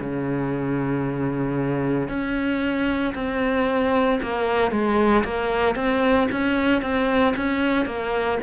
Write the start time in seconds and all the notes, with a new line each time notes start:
0.00 C#3
2.09 C#4
3.15 C4
4.22 A#3
4.71 G#3
5.24 A#3
5.75 C4
6.32 C#4
6.82 C4
7.36 C#4
7.86 A#3